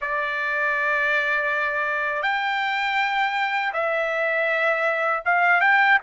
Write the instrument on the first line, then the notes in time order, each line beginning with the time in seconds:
trumpet
0.01 D5
2.22 G5
3.73 E5
5.25 F5
5.60 G5